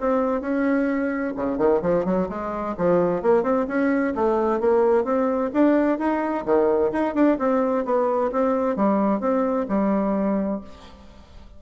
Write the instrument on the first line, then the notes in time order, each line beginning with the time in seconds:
bassoon
0.00 C4
0.41 C#4
1.36 C#3
1.58 D#3
1.82 F3
2.05 F#3
2.29 G#3
2.77 F3
3.22 A#3
3.43 C4
3.68 C#4
4.15 A3
4.60 A#3
5.04 C4
5.54 D4
5.99 D#4
6.45 D#3
6.92 D#4
7.15 D4
7.39 C4
7.85 B3
8.32 C4
8.76 G3
9.20 C4
9.69 G3